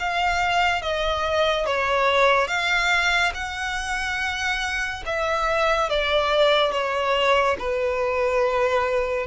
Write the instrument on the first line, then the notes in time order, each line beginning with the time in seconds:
violin
0.00 F5
0.82 D#5
1.66 C#5
2.48 F5
3.35 F#5
5.06 E5
5.90 D5
6.73 C#5
7.59 B4